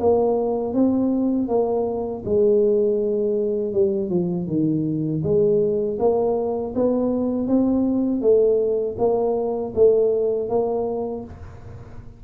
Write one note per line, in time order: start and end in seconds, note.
0.00 0.74 A#3
0.74 1.49 C4
1.49 2.24 A#3
2.25 3.73 G#3
3.73 4.10 G3
4.10 4.47 F3
4.47 5.22 D#3
5.24 5.99 G#3
5.99 6.74 A#3
6.75 7.48 B3
7.48 8.22 C4
8.22 8.97 A3
8.99 9.74 A#3
9.75 10.49 A3
10.49 11.24 A#3